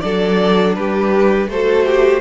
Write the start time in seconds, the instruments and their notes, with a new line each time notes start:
0.00 cello F#3, viola D4, violin A4 D5
0.75 cello G3, violin G4 B4
1.47 cello A3, violin A4 C5
1.53 viola F#4
1.86 violin G4